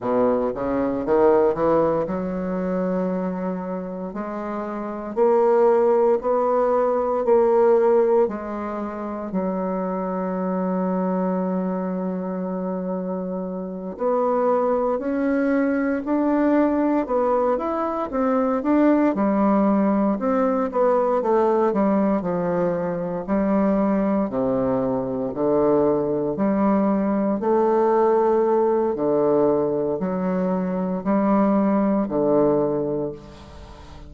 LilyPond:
\new Staff \with { instrumentName = "bassoon" } { \time 4/4 \tempo 4 = 58 b,8 cis8 dis8 e8 fis2 | gis4 ais4 b4 ais4 | gis4 fis2.~ | fis4. b4 cis'4 d'8~ |
d'8 b8 e'8 c'8 d'8 g4 c'8 | b8 a8 g8 f4 g4 c8~ | c8 d4 g4 a4. | d4 fis4 g4 d4 | }